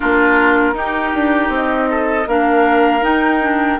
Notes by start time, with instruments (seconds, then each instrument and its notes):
0.00 bassoon A#3, clarinet D4, oboe F4, flute A#4
0.73 bassoon D#4, clarinet D#4, oboe G4
1.14 bassoon D4
1.49 bassoon C4, flute D#5
1.90 oboe A4
2.27 bassoon A#3, clarinet D4, oboe A#4, flute F5
3.00 clarinet D#4, bassoon D#4, flute G5
3.41 clarinet D4